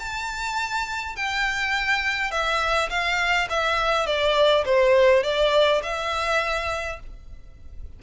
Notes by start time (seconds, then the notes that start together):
0.00 A5
1.17 G5
2.31 E5
2.90 F5
3.50 E5
4.06 D5
4.65 C5
5.24 D5
5.83 E5